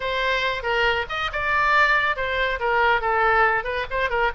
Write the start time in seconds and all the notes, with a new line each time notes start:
0.00 C5
0.62 A#4
1.09 D#5
1.32 D5
2.16 C5
2.59 A#4
3.01 A4
3.64 B4
3.90 C5
4.09 A#4